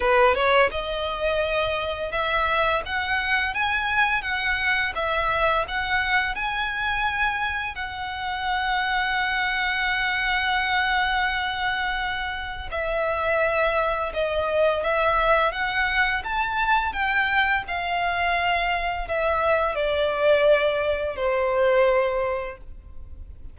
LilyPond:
\new Staff \with { instrumentName = "violin" } { \time 4/4 \tempo 4 = 85 b'8 cis''8 dis''2 e''4 | fis''4 gis''4 fis''4 e''4 | fis''4 gis''2 fis''4~ | fis''1~ |
fis''2 e''2 | dis''4 e''4 fis''4 a''4 | g''4 f''2 e''4 | d''2 c''2 | }